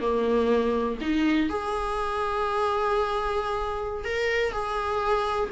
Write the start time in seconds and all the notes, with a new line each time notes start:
0.00 A#3
1.00 D#4
1.49 G#4
4.04 A#4
4.52 G#4